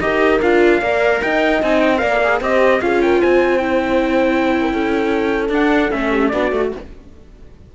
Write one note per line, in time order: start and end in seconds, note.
0.00 0.41 D#4
0.00 0.41 G4
0.00 0.82 A#4
0.00 0.40 D#5
0.42 0.81 D4
0.42 0.81 F4
0.42 1.22 F5
0.81 1.21 A#3
0.81 1.61 A#4
0.81 1.22 D5
1.22 1.62 D#4
1.22 2.00 D#5
1.22 1.62 G5
1.62 2.02 C4
1.62 1.97 D#4
1.62 1.80 G#5
1.80 1.98 G5
1.97 2.41 A#3
1.97 2.17 A#4
1.97 2.40 D5
1.97 2.38 F5
2.23 2.42 G#4
2.41 2.81 C4
2.41 2.81 G4
2.41 2.82 C5
2.41 2.81 D#5
2.81 3.22 C#4
2.81 3.59 F4
2.81 3.03 G#4
2.81 3.01 F5
3.02 3.20 A#4
3.02 3.22 G5
3.20 4.73 C4
3.20 4.60 C5
3.20 3.58 G#5
3.58 5.49 E4
3.58 5.48 G5
4.61 4.71 A#4
4.72 5.49 C#4
4.72 6.10 A4
5.49 5.89 D4
5.49 5.91 D4
5.49 5.91 F#5
5.91 6.33 A3
5.91 6.31 C#4
5.91 6.28 E5
6.10 6.30 G4
6.28 6.52 B3
6.28 6.53 D4
6.28 6.72 F#4
6.28 6.68 D5
6.52 6.72 A3
6.52 6.75 F#4